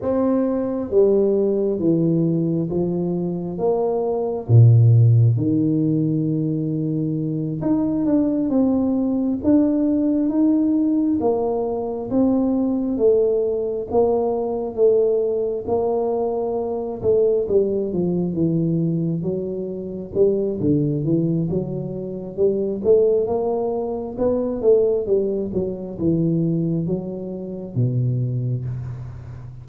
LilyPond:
\new Staff \with { instrumentName = "tuba" } { \time 4/4 \tempo 4 = 67 c'4 g4 e4 f4 | ais4 ais,4 dis2~ | dis8 dis'8 d'8 c'4 d'4 dis'8~ | dis'8 ais4 c'4 a4 ais8~ |
ais8 a4 ais4. a8 g8 | f8 e4 fis4 g8 d8 e8 | fis4 g8 a8 ais4 b8 a8 | g8 fis8 e4 fis4 b,4 | }